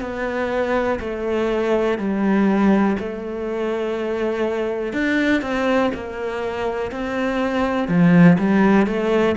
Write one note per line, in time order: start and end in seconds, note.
0.00 0.98 B3
1.00 1.98 A3
1.98 2.96 G3
2.99 4.93 A3
4.93 5.41 D4
5.41 5.91 C4
5.94 6.91 A#3
6.91 7.88 C4
7.88 8.37 F3
8.38 8.86 G3
8.86 9.35 A3